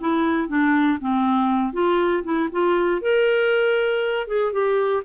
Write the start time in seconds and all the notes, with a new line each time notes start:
0.00 E4
0.48 D4
1.00 C4
1.73 F4
2.23 E4
2.52 F4
3.01 A#4
4.27 G#4
4.52 G4